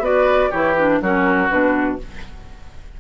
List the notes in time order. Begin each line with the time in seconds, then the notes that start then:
0.00 B3 F#4 B4 D5
0.50 E3 E4 G4 C#5
0.76 D4 B4
1.01 F#3 C#4 F#4 A#4
1.49 B2 D4 B4